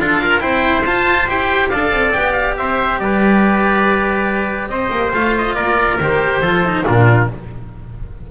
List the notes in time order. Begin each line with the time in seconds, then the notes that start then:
0.00 D4 F4 A4 F5
0.22 F4 A#4
0.41 C4 E4 C5 G5
0.84 F4 A5
1.28 E4 G4 G5
1.70 D4 A4 D5 F5
1.92 C4
2.12 B3 G4 G5
2.33 F5
2.57 C4 C5 E5
2.99 G3 B4 D5
4.69 C4 C5 D#5
4.91 A#3
5.14 A3 F4 F5
5.38 D#5
5.55 A#3 A#4 D5
6.01 D#3 G4 C5
6.41 F3 F4 A4
6.66 D#4
6.85 A#2 D4 F4 A#4